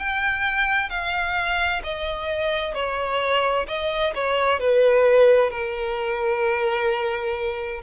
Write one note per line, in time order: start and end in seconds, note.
0.00 0.90 G5
0.90 1.83 F5
1.84 2.75 D#5
2.75 3.67 C#5
3.68 4.14 D#5
4.15 4.60 C#5
4.60 5.51 B4
5.51 7.82 A#4